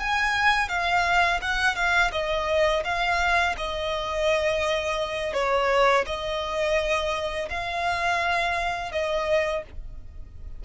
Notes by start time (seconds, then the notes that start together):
0.00 G#5
0.69 F5
1.42 F#5
1.76 F5
2.12 D#5
2.84 F5
3.57 D#5
5.34 C#5
6.06 D#5
7.50 F5
8.92 D#5